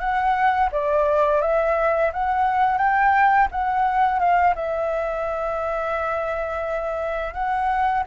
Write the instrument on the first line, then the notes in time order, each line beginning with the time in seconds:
flute
0.00 F#5
0.72 D5
1.42 E5
2.13 F#5
2.78 G5
3.52 F#5
4.20 F5
4.55 E5
7.34 F#5